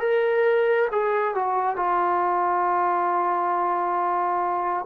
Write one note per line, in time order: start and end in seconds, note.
0.00 0.88 A#4
0.91 1.35 G#4
1.35 1.76 F#4
1.76 4.85 F4